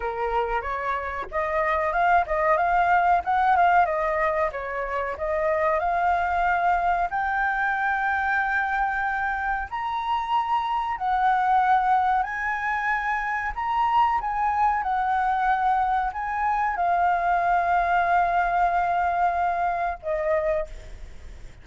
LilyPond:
\new Staff \with { instrumentName = "flute" } { \time 4/4 \tempo 4 = 93 ais'4 cis''4 dis''4 f''8 dis''8 | f''4 fis''8 f''8 dis''4 cis''4 | dis''4 f''2 g''4~ | g''2. ais''4~ |
ais''4 fis''2 gis''4~ | gis''4 ais''4 gis''4 fis''4~ | fis''4 gis''4 f''2~ | f''2. dis''4 | }